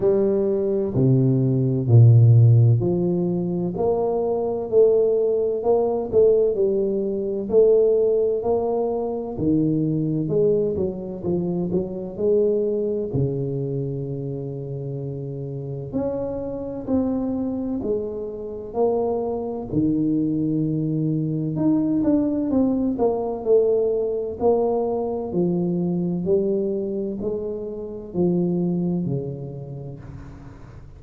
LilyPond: \new Staff \with { instrumentName = "tuba" } { \time 4/4 \tempo 4 = 64 g4 c4 ais,4 f4 | ais4 a4 ais8 a8 g4 | a4 ais4 dis4 gis8 fis8 | f8 fis8 gis4 cis2~ |
cis4 cis'4 c'4 gis4 | ais4 dis2 dis'8 d'8 | c'8 ais8 a4 ais4 f4 | g4 gis4 f4 cis4 | }